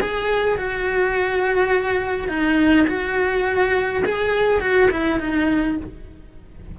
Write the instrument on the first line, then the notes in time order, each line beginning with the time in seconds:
cello
0.00 G#4
0.57 F#4
2.28 D#4
2.87 F#4
4.05 G#4
4.60 F#4
4.90 E4
5.19 D#4